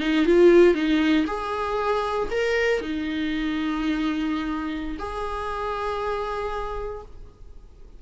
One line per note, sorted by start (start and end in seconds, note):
0.00 0.25 D#4
0.25 0.74 F4
0.74 1.25 D#4
1.27 2.29 G#4
2.30 2.81 A#4
2.81 4.97 D#4
4.99 7.02 G#4